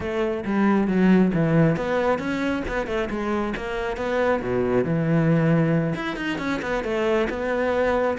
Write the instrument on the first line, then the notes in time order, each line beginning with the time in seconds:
cello
0.00 A3
0.45 G3
0.87 F#3
1.34 E3
1.76 B3
2.18 C#4
2.68 B3
2.86 A3
3.10 G#3
3.56 A#3
3.96 B3
4.42 B2
4.84 E3
5.95 E4
6.16 D#4
6.38 C#4
6.62 B3
6.83 A3
7.29 B3